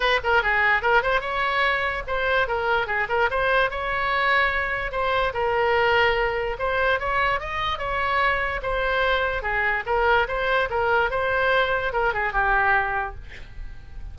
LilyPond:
\new Staff \with { instrumentName = "oboe" } { \time 4/4 \tempo 4 = 146 b'8 ais'8 gis'4 ais'8 c''8 cis''4~ | cis''4 c''4 ais'4 gis'8 ais'8 | c''4 cis''2. | c''4 ais'2. |
c''4 cis''4 dis''4 cis''4~ | cis''4 c''2 gis'4 | ais'4 c''4 ais'4 c''4~ | c''4 ais'8 gis'8 g'2 | }